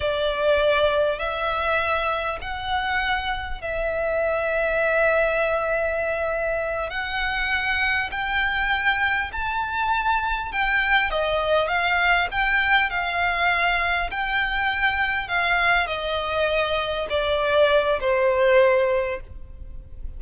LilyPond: \new Staff \with { instrumentName = "violin" } { \time 4/4 \tempo 4 = 100 d''2 e''2 | fis''2 e''2~ | e''2.~ e''8 fis''8~ | fis''4. g''2 a''8~ |
a''4. g''4 dis''4 f''8~ | f''8 g''4 f''2 g''8~ | g''4. f''4 dis''4.~ | dis''8 d''4. c''2 | }